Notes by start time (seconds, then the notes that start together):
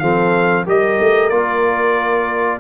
0.00 F3 C4 A4 F5
0.65 G3 G4 A#4 D#5
1.00 A3
1.30 A#3 F4 D5